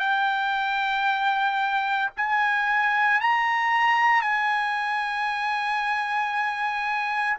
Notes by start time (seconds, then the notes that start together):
0.00 G5
2.17 G#5
3.21 A#5
4.22 G#5